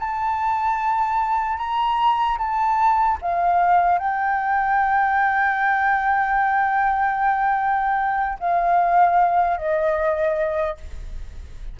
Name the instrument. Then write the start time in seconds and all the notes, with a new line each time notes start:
flute
0.00 A5
1.58 A#5
2.38 A5
3.22 F5
3.99 G5
8.40 F5
9.57 D#5